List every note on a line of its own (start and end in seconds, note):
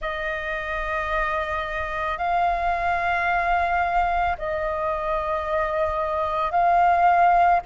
0.00 2.18 D#5
2.18 4.36 F5
4.38 6.51 D#5
6.51 7.60 F5